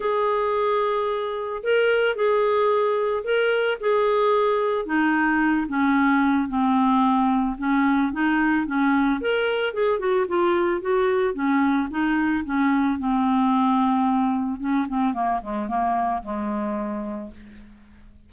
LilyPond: \new Staff \with { instrumentName = "clarinet" } { \time 4/4 \tempo 4 = 111 gis'2. ais'4 | gis'2 ais'4 gis'4~ | gis'4 dis'4. cis'4. | c'2 cis'4 dis'4 |
cis'4 ais'4 gis'8 fis'8 f'4 | fis'4 cis'4 dis'4 cis'4 | c'2. cis'8 c'8 | ais8 gis8 ais4 gis2 | }